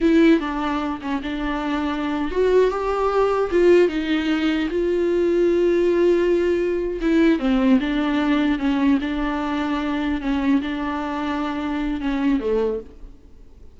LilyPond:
\new Staff \with { instrumentName = "viola" } { \time 4/4 \tempo 4 = 150 e'4 d'4. cis'8 d'4~ | d'4.~ d'16 fis'4 g'4~ g'16~ | g'8. f'4 dis'2 f'16~ | f'1~ |
f'4. e'4 c'4 d'8~ | d'4. cis'4 d'4.~ | d'4. cis'4 d'4.~ | d'2 cis'4 a4 | }